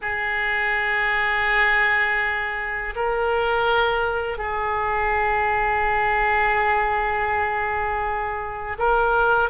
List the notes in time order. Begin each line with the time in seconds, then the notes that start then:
0.01 G#4
2.95 A#4
4.38 G#4
8.78 A#4